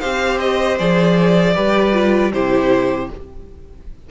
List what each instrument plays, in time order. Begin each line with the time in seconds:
0.00 cello C4, viola G4, violin C5 F5
0.39 violin D#5
0.79 cello F3, viola G#4, violin D5
1.55 cello G3, viola G4, violin B4
1.93 viola F4
2.33 cello C3, viola E4, violin G4 C5